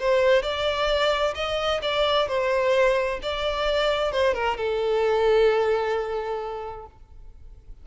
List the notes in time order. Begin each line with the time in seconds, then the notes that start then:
0.00 C5
0.43 D5
1.35 D#5
1.82 D5
2.28 C5
3.23 D5
4.12 C5
4.34 A#4
4.58 A4